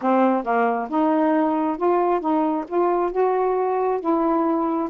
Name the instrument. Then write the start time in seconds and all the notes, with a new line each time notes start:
saxophone
0.01 C4
0.43 A#3
0.89 D#4
1.77 F4
2.20 D#4
2.67 F4
3.11 F#4
4.00 E4